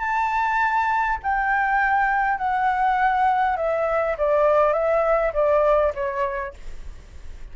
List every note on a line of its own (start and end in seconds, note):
0.00 1.19 A5
1.23 2.38 G5
2.38 3.57 F#5
3.57 4.16 E5
4.18 4.73 D5
4.73 5.33 E5
5.34 5.93 D5
5.95 6.54 C#5